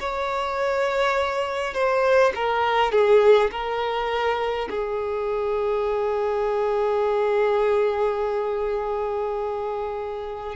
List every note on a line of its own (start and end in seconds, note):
0.00 1.74 C#5
1.74 2.33 C5
2.35 2.91 A#4
2.91 3.50 G#4
3.51 4.68 A#4
4.70 10.56 G#4